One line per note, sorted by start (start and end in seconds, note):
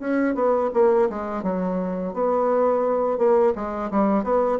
0.00 0.35 C#4
0.35 0.71 B3
0.74 1.09 A#3
1.10 1.43 G#3
1.43 2.14 F#3
2.14 3.18 B3
3.18 3.54 A#3
3.56 3.91 G#3
3.91 4.24 G3
4.24 4.59 B3